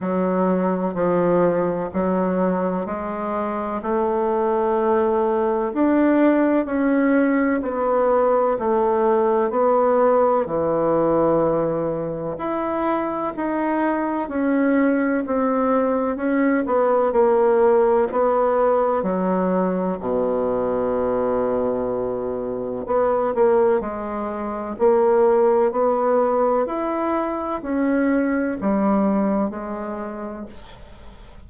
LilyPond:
\new Staff \with { instrumentName = "bassoon" } { \time 4/4 \tempo 4 = 63 fis4 f4 fis4 gis4 | a2 d'4 cis'4 | b4 a4 b4 e4~ | e4 e'4 dis'4 cis'4 |
c'4 cis'8 b8 ais4 b4 | fis4 b,2. | b8 ais8 gis4 ais4 b4 | e'4 cis'4 g4 gis4 | }